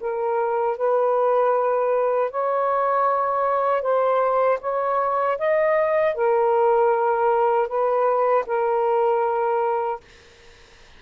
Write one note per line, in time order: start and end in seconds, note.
0.00 0.77 A#4
0.77 2.30 B4
2.30 3.81 C#5
3.81 4.58 C5
4.61 5.38 C#5
5.38 6.15 D#5
6.15 7.67 A#4
7.67 8.44 B4
8.46 10.00 A#4